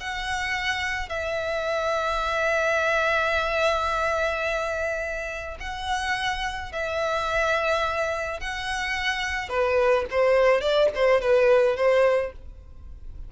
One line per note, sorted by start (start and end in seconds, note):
0.00 1.09 F#5
1.09 5.57 E5
5.60 6.72 F#5
6.72 8.40 E5
8.40 9.49 F#5
9.49 10.05 B4
10.10 10.61 C5
10.61 10.89 D5
10.95 11.21 C5
11.21 11.76 B4
11.76 12.32 C5